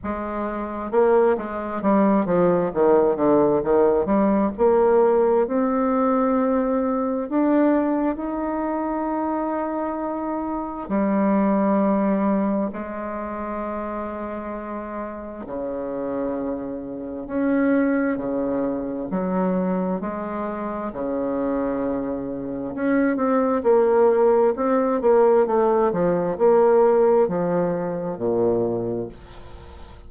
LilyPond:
\new Staff \with { instrumentName = "bassoon" } { \time 4/4 \tempo 4 = 66 gis4 ais8 gis8 g8 f8 dis8 d8 | dis8 g8 ais4 c'2 | d'4 dis'2. | g2 gis2~ |
gis4 cis2 cis'4 | cis4 fis4 gis4 cis4~ | cis4 cis'8 c'8 ais4 c'8 ais8 | a8 f8 ais4 f4 ais,4 | }